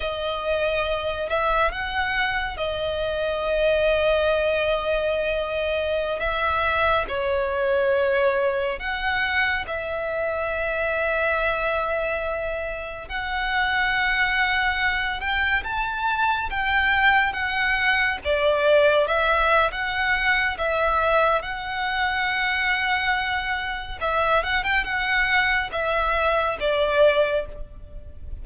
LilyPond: \new Staff \with { instrumentName = "violin" } { \time 4/4 \tempo 4 = 70 dis''4. e''8 fis''4 dis''4~ | dis''2.~ dis''16 e''8.~ | e''16 cis''2 fis''4 e''8.~ | e''2.~ e''16 fis''8.~ |
fis''4.~ fis''16 g''8 a''4 g''8.~ | g''16 fis''4 d''4 e''8. fis''4 | e''4 fis''2. | e''8 fis''16 g''16 fis''4 e''4 d''4 | }